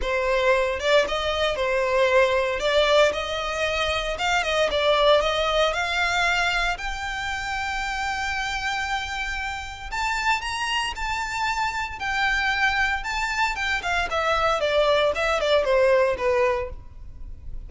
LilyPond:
\new Staff \with { instrumentName = "violin" } { \time 4/4 \tempo 4 = 115 c''4. d''8 dis''4 c''4~ | c''4 d''4 dis''2 | f''8 dis''8 d''4 dis''4 f''4~ | f''4 g''2.~ |
g''2. a''4 | ais''4 a''2 g''4~ | g''4 a''4 g''8 f''8 e''4 | d''4 e''8 d''8 c''4 b'4 | }